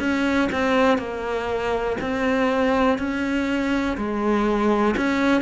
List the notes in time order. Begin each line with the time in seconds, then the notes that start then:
0.00 C#4
0.52 C4
0.98 A#3
2.01 C4
2.99 C#4
3.97 G#3
4.97 C#4